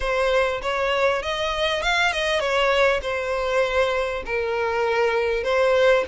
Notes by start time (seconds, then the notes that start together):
0.00 C5
0.62 C#5
1.22 D#5
1.82 F5
2.12 D#5
2.39 C#5
3.02 C5
4.25 A#4
5.43 C5